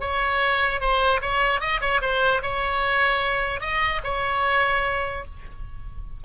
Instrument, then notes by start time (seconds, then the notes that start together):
oboe
0.00 C#5
0.80 C5
1.21 C#5
1.61 D#5
1.81 C#5
2.01 C5
2.42 C#5
3.61 D#5
4.04 C#5